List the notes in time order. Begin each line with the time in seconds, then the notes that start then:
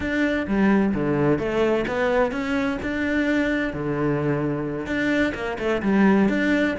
0.00 D4
0.47 G3
0.94 D3
1.38 A3
1.87 B3
2.31 C#4
2.82 D4
3.73 D3
4.86 D4
5.34 A#3
5.58 A3
5.82 G3
6.28 D4